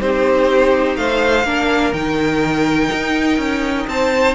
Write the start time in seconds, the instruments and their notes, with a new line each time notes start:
0.00 cello C4, viola D#4, violin G4 C5
0.97 cello A3, violin C5 F5
1.44 cello A#3, viola D4, violin A#4
1.93 cello D#3, viola D#4, violin G5
2.92 cello D#4
3.38 cello C#4
3.87 cello C4, violin C5 A5